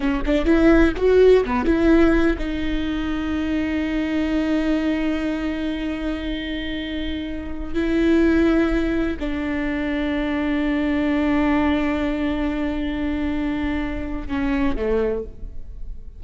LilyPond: \new Staff \with { instrumentName = "viola" } { \time 4/4 \tempo 4 = 126 cis'8 d'8 e'4 fis'4 b8 e'8~ | e'4 dis'2.~ | dis'1~ | dis'1~ |
dis'16 e'2. d'8.~ | d'1~ | d'1~ | d'2 cis'4 a4 | }